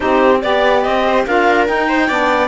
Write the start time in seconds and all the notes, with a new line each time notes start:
0.00 C4 D#4 G4 C5
0.41 B3 G4 D5
0.82 C4 D#5
1.07 C5
1.26 D4 F4 A#4 F5
1.66 D#4 G5
1.88 C5
2.07 B3 D4 D5